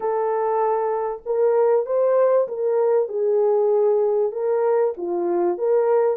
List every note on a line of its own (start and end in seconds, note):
0.00 1.22 A4
1.25 1.86 A#4
1.86 2.47 C5
2.47 3.08 A#4
3.08 4.32 G#4
4.32 4.93 A#4
4.97 5.58 F4
5.58 6.17 A#4